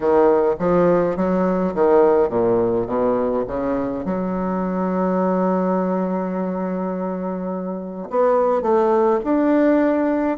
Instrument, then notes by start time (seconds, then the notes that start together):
bassoon
0.00 D#3
0.59 F3
1.16 F#3
1.74 D#3
2.29 A#2
2.86 B2
3.47 C#3
4.05 F#3
8.10 B3
8.62 A3
9.24 D4